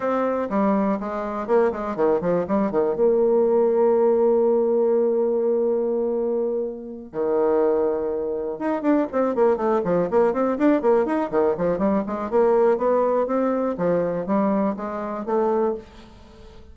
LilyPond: \new Staff \with { instrumentName = "bassoon" } { \time 4/4 \tempo 4 = 122 c'4 g4 gis4 ais8 gis8 | dis8 f8 g8 dis8 ais2~ | ais1~ | ais2~ ais8 dis4.~ |
dis4. dis'8 d'8 c'8 ais8 a8 | f8 ais8 c'8 d'8 ais8 dis'8 dis8 f8 | g8 gis8 ais4 b4 c'4 | f4 g4 gis4 a4 | }